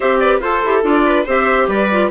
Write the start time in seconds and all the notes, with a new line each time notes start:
0.00 C4 G4 C5 E5
0.19 B4 D5
0.40 F4 A4 C5
0.64 E4 G4
0.83 D4 F4 D5
1.06 B4
1.25 C4 G4 C5 E5
1.67 G3 B4 D5
1.90 F4